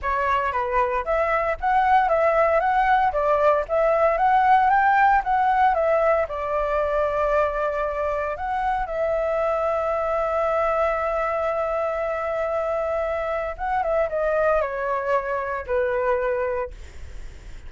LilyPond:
\new Staff \with { instrumentName = "flute" } { \time 4/4 \tempo 4 = 115 cis''4 b'4 e''4 fis''4 | e''4 fis''4 d''4 e''4 | fis''4 g''4 fis''4 e''4 | d''1 |
fis''4 e''2.~ | e''1~ | e''2 fis''8 e''8 dis''4 | cis''2 b'2 | }